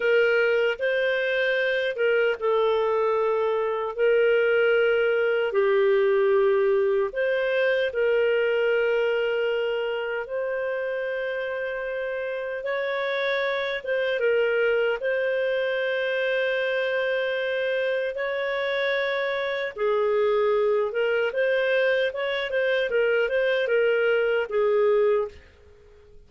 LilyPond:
\new Staff \with { instrumentName = "clarinet" } { \time 4/4 \tempo 4 = 76 ais'4 c''4. ais'8 a'4~ | a'4 ais'2 g'4~ | g'4 c''4 ais'2~ | ais'4 c''2. |
cis''4. c''8 ais'4 c''4~ | c''2. cis''4~ | cis''4 gis'4. ais'8 c''4 | cis''8 c''8 ais'8 c''8 ais'4 gis'4 | }